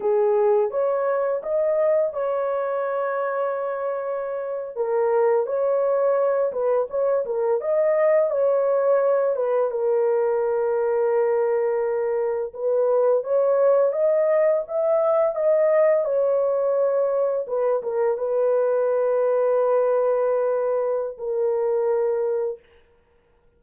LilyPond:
\new Staff \with { instrumentName = "horn" } { \time 4/4 \tempo 4 = 85 gis'4 cis''4 dis''4 cis''4~ | cis''2~ cis''8. ais'4 cis''16~ | cis''4~ cis''16 b'8 cis''8 ais'8 dis''4 cis''16~ | cis''4~ cis''16 b'8 ais'2~ ais'16~ |
ais'4.~ ais'16 b'4 cis''4 dis''16~ | dis''8. e''4 dis''4 cis''4~ cis''16~ | cis''8. b'8 ais'8 b'2~ b'16~ | b'2 ais'2 | }